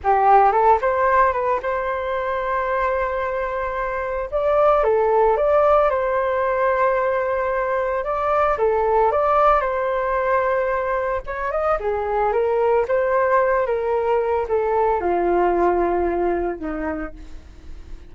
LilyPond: \new Staff \with { instrumentName = "flute" } { \time 4/4 \tempo 4 = 112 g'4 a'8 c''4 b'8 c''4~ | c''1 | d''4 a'4 d''4 c''4~ | c''2. d''4 |
a'4 d''4 c''2~ | c''4 cis''8 dis''8 gis'4 ais'4 | c''4. ais'4. a'4 | f'2. dis'4 | }